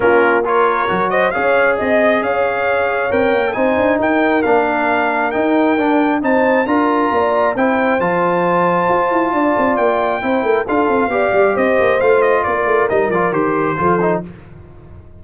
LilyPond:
<<
  \new Staff \with { instrumentName = "trumpet" } { \time 4/4 \tempo 4 = 135 ais'4 cis''4. dis''8 f''4 | dis''4 f''2 g''4 | gis''4 g''4 f''2 | g''2 a''4 ais''4~ |
ais''4 g''4 a''2~ | a''2 g''2 | f''2 dis''4 f''8 dis''8 | d''4 dis''8 d''8 c''2 | }
  \new Staff \with { instrumentName = "horn" } { \time 4/4 f'4 ais'4. c''8 cis''4 | dis''4 cis''2. | c''4 ais'2.~ | ais'2 c''4 ais'4 |
d''4 c''2.~ | c''4 d''2 c''8 ais'8 | a'4 d''4 c''2 | ais'2. a'4 | }
  \new Staff \with { instrumentName = "trombone" } { \time 4/4 cis'4 f'4 fis'4 gis'4~ | gis'2. ais'4 | dis'2 d'2 | dis'4 d'4 dis'4 f'4~ |
f'4 e'4 f'2~ | f'2. e'4 | f'4 g'2 f'4~ | f'4 dis'8 f'8 g'4 f'8 dis'8 | }
  \new Staff \with { instrumentName = "tuba" } { \time 4/4 ais2 fis4 cis'4 | c'4 cis'2 c'8 ais8 | c'8 d'8 dis'4 ais2 | dis'4 d'4 c'4 d'4 |
ais4 c'4 f2 | f'8 e'8 d'8 c'8 ais4 c'8 a8 | d'8 c'8 b8 g8 c'8 ais8 a4 | ais8 a8 g8 f8 dis4 f4 | }
>>